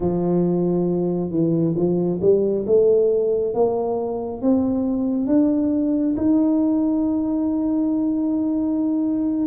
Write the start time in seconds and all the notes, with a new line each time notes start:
0.00 F3
1.30 E3
1.76 F3
2.21 G3
2.66 A3
3.53 A#3
4.41 C4
5.27 D4
6.16 D#4